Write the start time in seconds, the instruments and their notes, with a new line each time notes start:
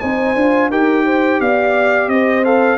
0.00 tuba C4, trombone D#4, horn C5, trumpet G#5
0.35 tuba D4, trombone F4
0.70 tuba D#4, trombone G4, horn A#4, trumpet G5
1.05 horn C5
1.40 tuba B3, horn D5, trumpet F5
2.08 tuba C4, horn C5, trumpet D#5
2.45 trombone A4, trumpet F5